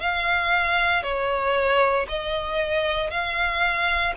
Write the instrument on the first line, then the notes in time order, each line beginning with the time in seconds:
violin
0.00 F5
1.03 C#5
2.08 D#5
3.10 F5